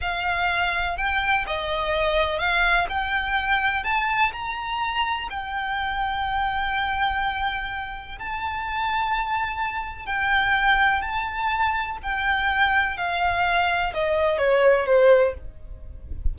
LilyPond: \new Staff \with { instrumentName = "violin" } { \time 4/4 \tempo 4 = 125 f''2 g''4 dis''4~ | dis''4 f''4 g''2 | a''4 ais''2 g''4~ | g''1~ |
g''4 a''2.~ | a''4 g''2 a''4~ | a''4 g''2 f''4~ | f''4 dis''4 cis''4 c''4 | }